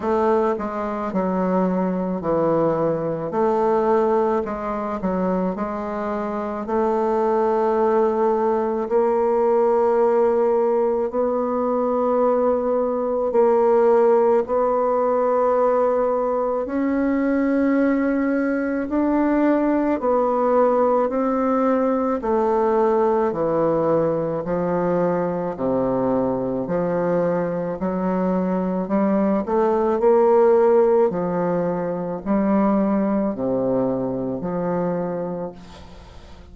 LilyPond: \new Staff \with { instrumentName = "bassoon" } { \time 4/4 \tempo 4 = 54 a8 gis8 fis4 e4 a4 | gis8 fis8 gis4 a2 | ais2 b2 | ais4 b2 cis'4~ |
cis'4 d'4 b4 c'4 | a4 e4 f4 c4 | f4 fis4 g8 a8 ais4 | f4 g4 c4 f4 | }